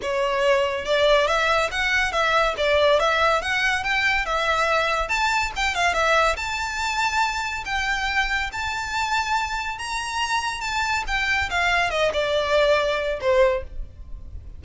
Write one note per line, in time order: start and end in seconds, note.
0.01 0.85 C#5
0.85 1.27 D5
1.27 1.69 E5
1.71 2.11 F#5
2.11 2.54 E5
2.57 2.99 D5
2.99 3.41 E5
3.41 3.83 F#5
3.83 4.25 G5
4.25 5.09 E5
5.09 5.51 A5
5.56 5.74 G5
5.74 5.93 F5
5.93 6.36 E5
6.36 7.64 A5
7.65 8.50 G5
8.52 9.78 A5
9.78 10.61 A#5
10.61 11.03 A5
11.07 11.49 G5
11.50 11.90 F5
11.90 12.11 D#5
12.13 13.19 D5
13.20 13.63 C5